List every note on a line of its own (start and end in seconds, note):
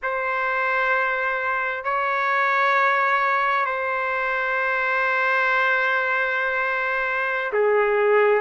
0.02 1.84 C5
1.84 3.65 C#5
3.65 7.52 C5
7.52 8.41 G#4